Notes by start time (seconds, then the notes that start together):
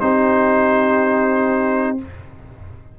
0.00 C4 D#4 G4 C5